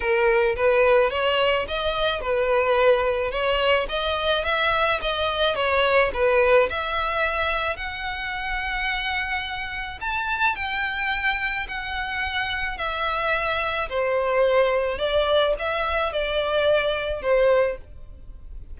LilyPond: \new Staff \with { instrumentName = "violin" } { \time 4/4 \tempo 4 = 108 ais'4 b'4 cis''4 dis''4 | b'2 cis''4 dis''4 | e''4 dis''4 cis''4 b'4 | e''2 fis''2~ |
fis''2 a''4 g''4~ | g''4 fis''2 e''4~ | e''4 c''2 d''4 | e''4 d''2 c''4 | }